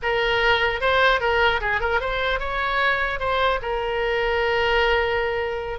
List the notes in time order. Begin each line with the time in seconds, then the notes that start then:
0.02 A#4
0.81 C5
1.20 A#4
1.60 G#4
1.80 A#4
2.00 C5
2.39 C#5
3.19 C5
3.61 A#4